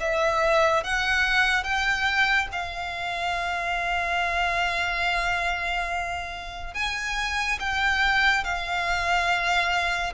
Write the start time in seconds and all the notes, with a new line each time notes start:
0.00 E5
0.83 F#5
1.63 G5
2.52 F5
6.74 G#5
7.59 G5
8.44 F5